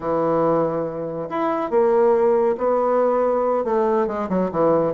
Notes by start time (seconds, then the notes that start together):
0.00 E3
1.29 E4
1.70 A#3
2.57 B3
3.64 A3
4.07 G#3
4.29 F#3
4.51 E3